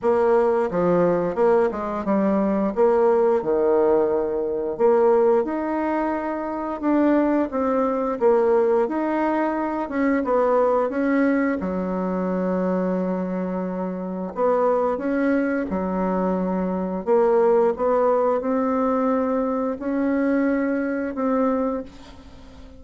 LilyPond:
\new Staff \with { instrumentName = "bassoon" } { \time 4/4 \tempo 4 = 88 ais4 f4 ais8 gis8 g4 | ais4 dis2 ais4 | dis'2 d'4 c'4 | ais4 dis'4. cis'8 b4 |
cis'4 fis2.~ | fis4 b4 cis'4 fis4~ | fis4 ais4 b4 c'4~ | c'4 cis'2 c'4 | }